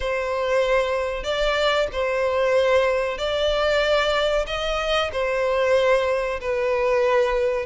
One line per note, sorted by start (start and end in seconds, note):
0.00 1.23 C5
1.23 1.87 D5
1.92 3.18 C5
3.18 4.45 D5
4.47 5.10 D#5
5.12 6.40 C5
6.40 7.66 B4